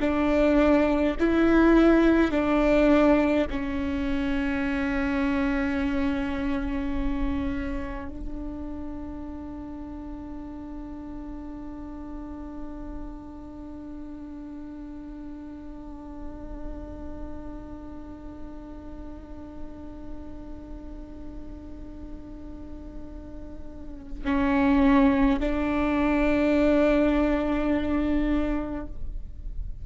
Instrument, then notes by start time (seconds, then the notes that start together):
viola
0.00 D4
1.20 E4
2.31 D4
3.50 C#4
8.08 D4
24.24 C#4
25.40 D4